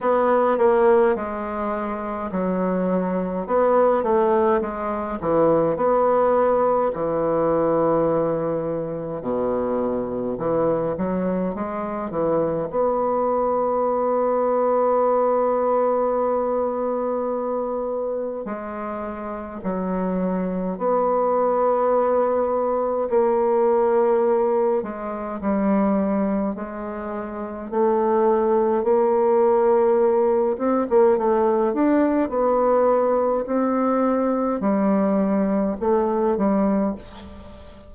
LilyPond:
\new Staff \with { instrumentName = "bassoon" } { \time 4/4 \tempo 4 = 52 b8 ais8 gis4 fis4 b8 a8 | gis8 e8 b4 e2 | b,4 e8 fis8 gis8 e8 b4~ | b1 |
gis4 fis4 b2 | ais4. gis8 g4 gis4 | a4 ais4. c'16 ais16 a8 d'8 | b4 c'4 g4 a8 g8 | }